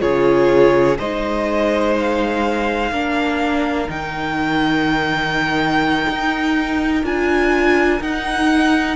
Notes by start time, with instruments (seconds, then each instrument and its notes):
0.00 cello C#3, viola F4, violin G#4 C#5
0.99 cello G#3, viola D#4, violin C5 D#5
2.00 violin F5
2.92 cello A#3, viola D4, violin A#4
3.88 cello D#3, viola D#4, violin G5
6.10 cello D#4
7.04 cello D4, viola F4, violin G#5
8.01 cello D#4, viola D#4, violin F#5